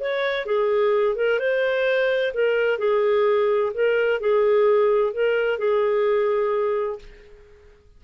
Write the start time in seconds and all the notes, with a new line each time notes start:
0.00 C#5
0.46 G#4
1.16 A#4
1.39 C5
2.34 A#4
2.79 G#4
3.74 A#4
4.20 G#4
5.13 A#4
5.58 G#4